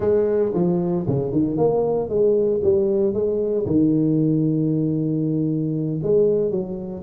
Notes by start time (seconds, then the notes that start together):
0.00 G#3
0.54 F3
1.07 C#3
1.32 D#3
1.57 A#3
2.09 G#3
2.63 G3
3.13 G#3
3.65 D#3
6.02 G#3
6.50 F#3